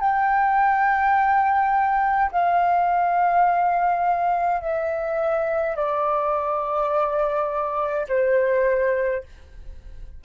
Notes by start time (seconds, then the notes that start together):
0.00 G5
2.31 F5
4.61 E5
5.76 D5
8.08 C5